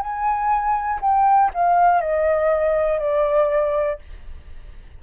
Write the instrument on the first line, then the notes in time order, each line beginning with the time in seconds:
flute
0.00 G#5
1.01 G5
1.54 F5
2.01 D#5
2.99 D5